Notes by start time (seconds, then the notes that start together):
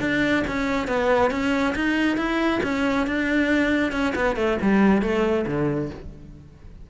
0.00 D4
0.47 C#4
0.88 B3
1.31 C#4
1.75 D#4
2.17 E4
2.63 C#4
3.07 D4
3.92 C#4
4.15 B3
4.36 A3
4.62 G3
5.02 A3
5.47 D3